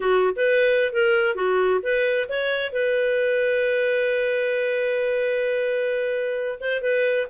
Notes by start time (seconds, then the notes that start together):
0.00 F#4
0.36 B4
0.92 A#4
1.35 F#4
1.82 B4
2.29 C#5
2.72 B4
6.60 C5
6.81 B4